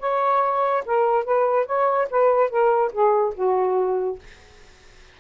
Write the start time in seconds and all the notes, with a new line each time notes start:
0.00 C#5
0.86 A#4
1.25 B4
1.66 C#5
2.11 B4
2.51 A#4
2.93 G#4
3.35 F#4